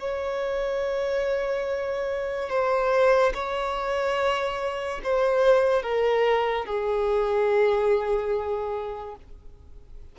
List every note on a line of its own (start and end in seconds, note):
0.00 2.50 C#5
2.50 3.33 C5
3.34 5.01 C#5
5.04 5.83 C5
5.83 6.66 A#4
6.66 9.16 G#4